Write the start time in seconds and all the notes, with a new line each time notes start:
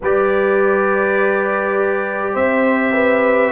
0.01 G3 G4 B4 D5
2.33 C4 C5 E5
2.93 B4